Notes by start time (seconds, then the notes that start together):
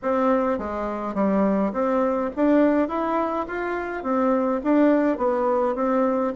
0.02 C4
0.58 G#3
1.14 G3
1.73 C4
2.35 D4
2.88 E4
3.47 F4
4.03 C4
4.63 D4
5.17 B3
5.75 C4